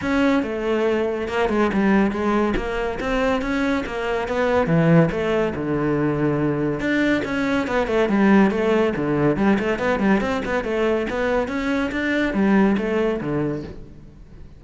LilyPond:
\new Staff \with { instrumentName = "cello" } { \time 4/4 \tempo 4 = 141 cis'4 a2 ais8 gis8 | g4 gis4 ais4 c'4 | cis'4 ais4 b4 e4 | a4 d2. |
d'4 cis'4 b8 a8 g4 | a4 d4 g8 a8 b8 g8 | c'8 b8 a4 b4 cis'4 | d'4 g4 a4 d4 | }